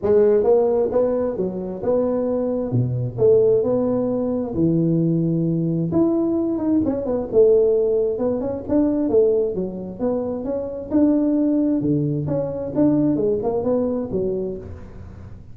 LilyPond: \new Staff \with { instrumentName = "tuba" } { \time 4/4 \tempo 4 = 132 gis4 ais4 b4 fis4 | b2 b,4 a4 | b2 e2~ | e4 e'4. dis'8 cis'8 b8 |
a2 b8 cis'8 d'4 | a4 fis4 b4 cis'4 | d'2 d4 cis'4 | d'4 gis8 ais8 b4 fis4 | }